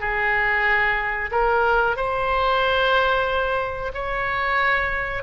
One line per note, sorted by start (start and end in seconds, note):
0.00 1.30 G#4
1.31 1.96 A#4
1.96 3.92 C5
3.94 5.23 C#5